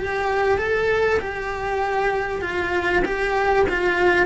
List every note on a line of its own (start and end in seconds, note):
0.00 0.58 G4
0.58 1.20 A4
1.20 2.42 G4
2.42 3.03 F4
3.06 3.67 G4
3.69 4.26 F4